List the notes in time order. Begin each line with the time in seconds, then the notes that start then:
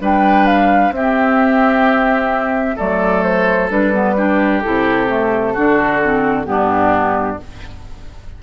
0.00 G3 D4 B4 G5
0.46 F5
0.90 C4 E5
0.96 G4
2.76 F#3 A3 A4 D5
3.23 C5
3.69 G3 D4 B4
3.93 B3
4.17 D4 G4
4.61 C3 E4 A4
5.07 A3
5.53 D3 D4 F#4
6.02 C4
6.44 G2 B3 D4 G4